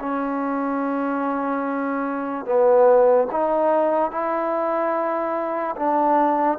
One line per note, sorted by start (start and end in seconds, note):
0.00 2.45 C#4
2.45 3.28 B3
3.31 4.11 D#4
4.11 5.75 E4
5.76 6.59 D4